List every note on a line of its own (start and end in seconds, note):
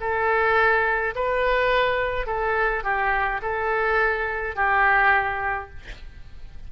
0.00 1.14 A4
1.15 2.26 B4
2.26 2.83 A4
2.83 3.41 G4
3.42 4.55 A4
4.55 5.69 G4